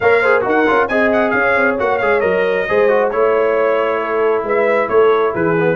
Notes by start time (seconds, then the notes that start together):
0.00 A#3 A#4 C#5 F5
0.21 G#4 C5
0.41 D#4 F#4 A#4
0.48 F#5
0.67 C#4 F4
0.88 C4 G#4 D#5 G#5
1.12 F#5
1.30 C#4 C#5 F5
1.56 C4
1.78 A#3 F#4 F#5
1.98 G#3 G#4 F5
2.20 F#3 A#4 D#5
2.68 G#3 G#4 C5
2.88 F#4
3.10 A3 E4 C#5
4.01 A4
4.43 G#3 B4 E5
4.88 A3 A4 C#5
5.32 E3 G#4 B4
5.58 B3